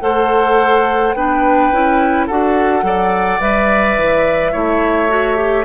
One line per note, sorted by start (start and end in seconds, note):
0.00 1.13 A3
0.00 1.13 A4
0.00 1.16 C5
0.00 1.13 F#5
1.13 1.70 B3
1.13 1.72 D4
1.13 2.26 B4
1.13 2.26 G5
1.72 2.29 C#4
1.72 2.29 E4
2.26 2.82 D4
2.26 2.82 F#4
2.26 2.83 A4
2.26 3.40 F#5
2.82 3.39 F#3
2.82 3.38 A4
2.82 4.51 D5
3.39 3.96 G3
3.39 4.53 B4
3.39 5.65 E5
3.96 4.53 E3
4.51 5.65 A3
4.51 5.08 E4
4.51 5.65 C#5
5.08 5.36 F#4
5.36 5.64 G4